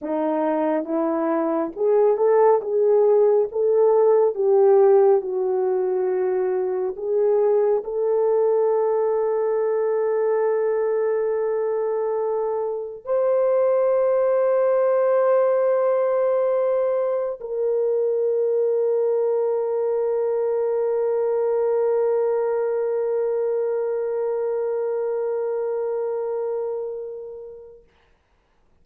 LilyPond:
\new Staff \with { instrumentName = "horn" } { \time 4/4 \tempo 4 = 69 dis'4 e'4 gis'8 a'8 gis'4 | a'4 g'4 fis'2 | gis'4 a'2.~ | a'2. c''4~ |
c''1 | ais'1~ | ais'1~ | ais'1 | }